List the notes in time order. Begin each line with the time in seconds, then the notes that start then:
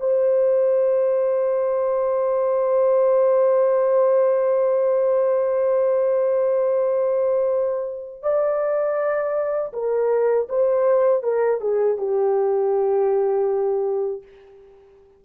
0.00 C5
8.23 D5
9.73 A#4
10.49 C5
11.23 A#4
11.61 G#4
11.98 G4